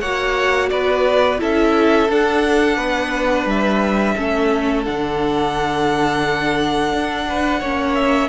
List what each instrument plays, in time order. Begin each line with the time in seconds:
0.00 cello A#3, viola F#4, violin C#5 F#5
0.69 cello B3, violin B4 D5
1.38 cello C#4, viola E4, violin A4 E5
2.09 cello D4, viola D4, violin F#5
2.77 cello B3, violin B4
3.45 cello G3, violin E5
4.15 cello A3, viola C#4, violin A4
4.84 cello D3, viola D4, violin F#5
6.92 cello D4
7.29 violin B4
7.60 cello A#3, viola C#4, violin C#5
7.95 violin E5